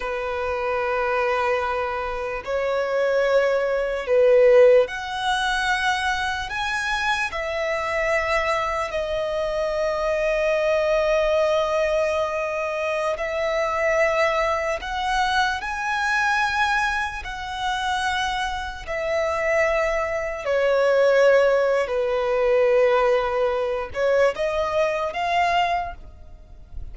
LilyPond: \new Staff \with { instrumentName = "violin" } { \time 4/4 \tempo 4 = 74 b'2. cis''4~ | cis''4 b'4 fis''2 | gis''4 e''2 dis''4~ | dis''1~ |
dis''16 e''2 fis''4 gis''8.~ | gis''4~ gis''16 fis''2 e''8.~ | e''4~ e''16 cis''4.~ cis''16 b'4~ | b'4. cis''8 dis''4 f''4 | }